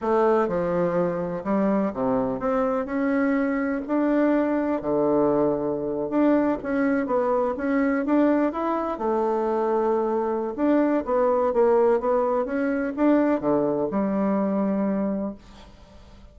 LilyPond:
\new Staff \with { instrumentName = "bassoon" } { \time 4/4 \tempo 4 = 125 a4 f2 g4 | c4 c'4 cis'2 | d'2 d2~ | d8. d'4 cis'4 b4 cis'16~ |
cis'8. d'4 e'4 a4~ a16~ | a2 d'4 b4 | ais4 b4 cis'4 d'4 | d4 g2. | }